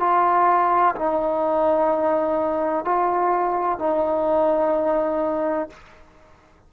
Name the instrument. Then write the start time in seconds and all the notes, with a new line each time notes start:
trombone
0.00 F4
0.96 D#4
2.85 F4
3.80 D#4